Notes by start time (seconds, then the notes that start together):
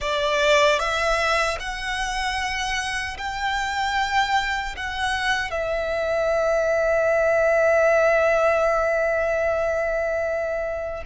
0.00 D5
0.79 E5
1.59 F#5
3.17 G5
4.76 F#5
5.50 E5